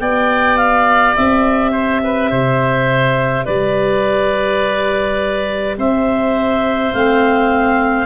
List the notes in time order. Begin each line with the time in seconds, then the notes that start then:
0.00 B3 G4 D5 G5
0.58 F5
1.16 C4 E5
1.72 C5
2.04 B4
2.31 C3 C5
3.46 G3 B4 D5
5.78 C4 C5 E5
6.94 A3 C4 F5